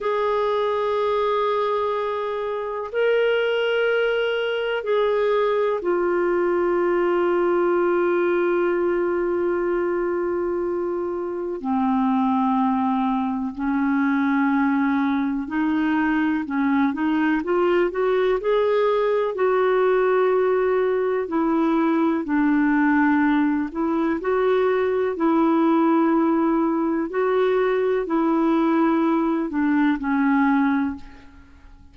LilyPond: \new Staff \with { instrumentName = "clarinet" } { \time 4/4 \tempo 4 = 62 gis'2. ais'4~ | ais'4 gis'4 f'2~ | f'1 | c'2 cis'2 |
dis'4 cis'8 dis'8 f'8 fis'8 gis'4 | fis'2 e'4 d'4~ | d'8 e'8 fis'4 e'2 | fis'4 e'4. d'8 cis'4 | }